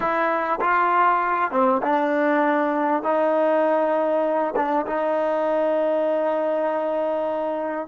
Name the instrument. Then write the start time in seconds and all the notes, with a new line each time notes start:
trombone
0.00 E4
0.61 F4
1.51 C4
1.82 D4
3.02 D#4
4.55 D4
4.86 D#4